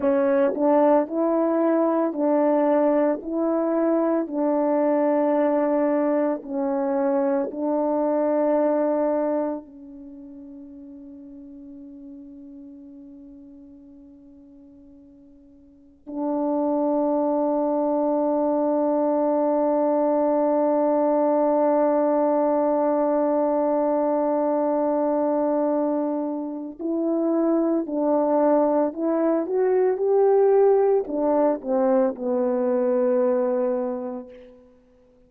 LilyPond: \new Staff \with { instrumentName = "horn" } { \time 4/4 \tempo 4 = 56 cis'8 d'8 e'4 d'4 e'4 | d'2 cis'4 d'4~ | d'4 cis'2.~ | cis'2. d'4~ |
d'1~ | d'1~ | d'4 e'4 d'4 e'8 fis'8 | g'4 d'8 c'8 b2 | }